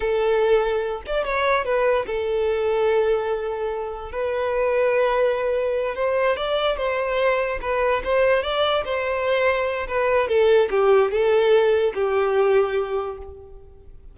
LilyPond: \new Staff \with { instrumentName = "violin" } { \time 4/4 \tempo 4 = 146 a'2~ a'8 d''8 cis''4 | b'4 a'2.~ | a'2 b'2~ | b'2~ b'8 c''4 d''8~ |
d''8 c''2 b'4 c''8~ | c''8 d''4 c''2~ c''8 | b'4 a'4 g'4 a'4~ | a'4 g'2. | }